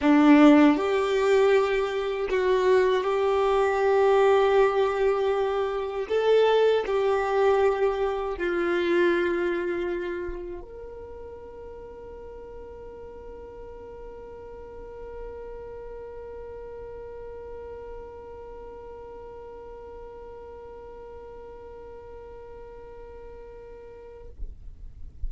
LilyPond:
\new Staff \with { instrumentName = "violin" } { \time 4/4 \tempo 4 = 79 d'4 g'2 fis'4 | g'1 | a'4 g'2 f'4~ | f'2 ais'2~ |
ais'1~ | ais'1~ | ais'1~ | ais'1 | }